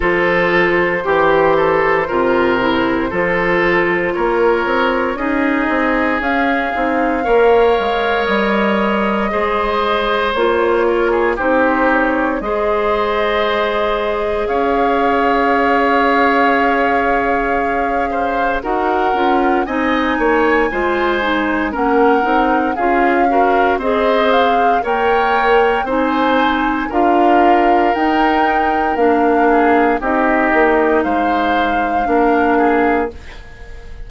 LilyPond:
<<
  \new Staff \with { instrumentName = "flute" } { \time 4/4 \tempo 4 = 58 c''1 | cis''4 dis''4 f''2 | dis''2 cis''4 c''8 cis''8 | dis''2 f''2~ |
f''2 fis''4 gis''4~ | gis''4 fis''4 f''4 dis''8 f''8 | g''4 gis''4 f''4 g''4 | f''4 dis''4 f''2 | }
  \new Staff \with { instrumentName = "oboe" } { \time 4/4 a'4 g'8 a'8 ais'4 a'4 | ais'4 gis'2 cis''4~ | cis''4 c''4. ais'16 gis'16 g'4 | c''2 cis''2~ |
cis''4. c''8 ais'4 dis''8 cis''8 | c''4 ais'4 gis'8 ais'8 c''4 | cis''4 c''4 ais'2~ | ais'8 gis'8 g'4 c''4 ais'8 gis'8 | }
  \new Staff \with { instrumentName = "clarinet" } { \time 4/4 f'4 g'4 f'8 e'8 f'4~ | f'4 dis'4 cis'8 dis'8 ais'4~ | ais'4 gis'4 f'4 dis'4 | gis'1~ |
gis'2 fis'8 f'8 dis'4 | f'8 dis'8 cis'8 dis'8 f'8 fis'8 gis'4 | ais'4 dis'4 f'4 dis'4 | d'4 dis'2 d'4 | }
  \new Staff \with { instrumentName = "bassoon" } { \time 4/4 f4 e4 c4 f4 | ais8 c'8 cis'8 c'8 cis'8 c'8 ais8 gis8 | g4 gis4 ais4 c'4 | gis2 cis'2~ |
cis'2 dis'8 cis'8 c'8 ais8 | gis4 ais8 c'8 cis'4 c'4 | ais4 c'4 d'4 dis'4 | ais4 c'8 ais8 gis4 ais4 | }
>>